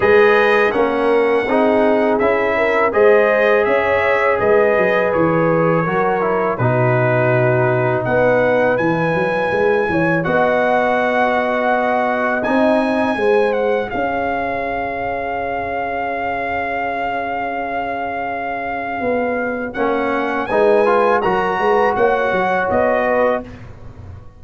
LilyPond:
<<
  \new Staff \with { instrumentName = "trumpet" } { \time 4/4 \tempo 4 = 82 dis''4 fis''2 e''4 | dis''4 e''4 dis''4 cis''4~ | cis''4 b'2 fis''4 | gis''2 fis''2~ |
fis''4 gis''4. fis''8 f''4~ | f''1~ | f''2. fis''4 | gis''4 ais''4 fis''4 dis''4 | }
  \new Staff \with { instrumentName = "horn" } { \time 4/4 b'4 ais'4 gis'4. ais'8 | c''4 cis''4 b'2 | ais'4 fis'2 b'4~ | b'4. cis''8 dis''2~ |
dis''2 c''4 cis''4~ | cis''1~ | cis''1 | b'4 ais'8 b'8 cis''4. b'8 | }
  \new Staff \with { instrumentName = "trombone" } { \time 4/4 gis'4 cis'4 dis'4 e'4 | gis'1 | fis'8 e'8 dis'2. | e'2 fis'2~ |
fis'4 dis'4 gis'2~ | gis'1~ | gis'2. cis'4 | dis'8 f'8 fis'2. | }
  \new Staff \with { instrumentName = "tuba" } { \time 4/4 gis4 ais4 c'4 cis'4 | gis4 cis'4 gis8 fis8 e4 | fis4 b,2 b4 | e8 fis8 gis8 e8 b2~ |
b4 c'4 gis4 cis'4~ | cis'1~ | cis'2 b4 ais4 | gis4 fis8 gis8 ais8 fis8 b4 | }
>>